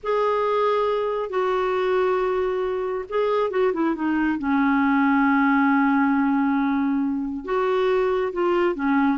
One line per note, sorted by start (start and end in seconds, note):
0.03 1.29 G#4
1.29 3.05 F#4
3.09 3.50 G#4
3.50 3.72 F#4
3.73 3.95 E4
3.95 4.38 D#4
4.38 7.44 C#4
7.44 8.32 F#4
8.33 8.75 F4
8.75 9.18 C#4